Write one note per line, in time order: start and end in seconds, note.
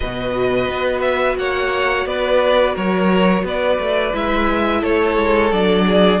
0.00 0.68 B2
0.00 4.12 F#4
0.00 1.38 B4
0.00 1.01 D#5
0.68 1.37 B3
1.01 1.35 E5
1.37 2.05 A#3
1.37 2.07 C#5
1.37 2.06 F#5
2.05 2.74 B3
2.05 2.74 B4
2.05 2.75 D5
2.74 3.43 F#3
2.74 3.43 A#4
2.74 3.45 C#5
3.43 3.77 B3
3.43 4.80 B4
3.43 4.15 D5
3.79 4.13 A3
4.12 4.82 G#3
4.12 5.50 E4
4.12 4.83 E5
4.80 5.17 A3
4.80 5.84 A4
4.80 5.52 C#5
5.17 5.51 G#3
5.52 6.20 F#3
5.52 6.20 D4
5.52 6.20 D5
5.86 6.20 G#4